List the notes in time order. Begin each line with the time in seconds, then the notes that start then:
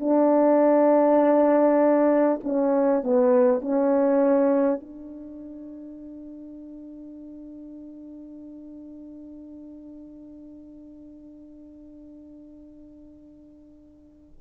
0.00 D4
2.44 C#4
3.04 B3
3.62 C#4
4.80 D4